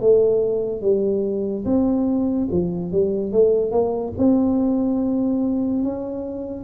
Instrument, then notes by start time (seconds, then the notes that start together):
tuba
0.00 A3
0.81 G3
1.65 C4
2.51 F3
2.91 G3
3.32 A3
3.71 A#3
4.17 C4
5.83 C#4